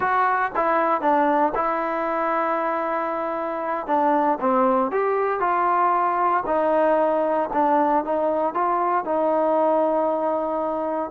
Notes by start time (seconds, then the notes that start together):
0.00 F#4
0.55 E4
1.01 D4
1.54 E4
3.87 D4
4.40 C4
4.91 G4
5.40 F4
6.46 D#4
7.53 D4
8.04 D#4
8.53 F4
9.04 D#4